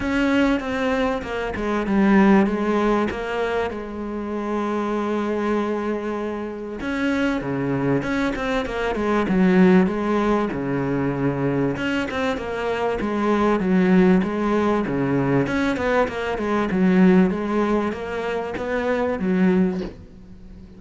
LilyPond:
\new Staff \with { instrumentName = "cello" } { \time 4/4 \tempo 4 = 97 cis'4 c'4 ais8 gis8 g4 | gis4 ais4 gis2~ | gis2. cis'4 | cis4 cis'8 c'8 ais8 gis8 fis4 |
gis4 cis2 cis'8 c'8 | ais4 gis4 fis4 gis4 | cis4 cis'8 b8 ais8 gis8 fis4 | gis4 ais4 b4 fis4 | }